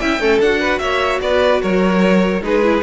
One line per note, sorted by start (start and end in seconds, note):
0.00 0.20 C#4
0.00 0.21 E4
0.00 0.21 E5
0.00 0.40 G5
0.20 0.40 A3
0.20 0.41 C#4
0.20 0.61 A4
0.40 0.80 D4
0.40 2.43 F#4
0.40 0.80 F#5
0.61 0.81 B4
0.80 1.21 A#3
0.80 1.22 C#5
0.80 1.20 E5
1.22 1.62 B3
1.22 1.63 B4
1.22 1.62 D5
1.63 2.42 F#3
1.63 2.43 A#4
1.63 2.43 C#5
2.42 2.82 G#3
2.42 2.63 D#4
2.42 2.84 G#4
2.42 2.84 B4
2.64 2.84 E4